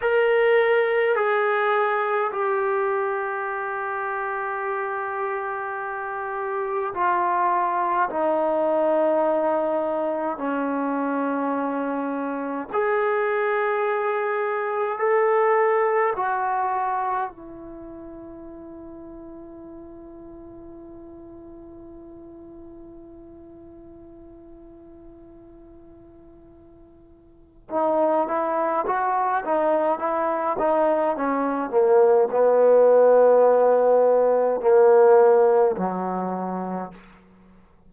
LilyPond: \new Staff \with { instrumentName = "trombone" } { \time 4/4 \tempo 4 = 52 ais'4 gis'4 g'2~ | g'2 f'4 dis'4~ | dis'4 cis'2 gis'4~ | gis'4 a'4 fis'4 e'4~ |
e'1~ | e'1 | dis'8 e'8 fis'8 dis'8 e'8 dis'8 cis'8 ais8 | b2 ais4 fis4 | }